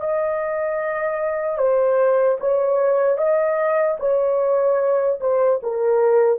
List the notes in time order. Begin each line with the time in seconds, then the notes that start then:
0.00 D#5
1.58 C5
2.40 C#5
3.17 D#5
4.00 C#5
5.20 C5
5.63 A#4